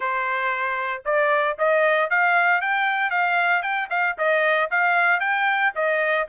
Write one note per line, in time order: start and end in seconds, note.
0.00 1.03 C5
1.05 1.57 D5
1.58 2.09 D#5
2.09 2.61 F5
2.61 3.10 G5
3.10 3.62 F5
3.62 3.88 G5
3.90 4.16 F5
4.17 4.70 D#5
4.71 5.20 F5
5.20 5.72 G5
5.75 6.27 D#5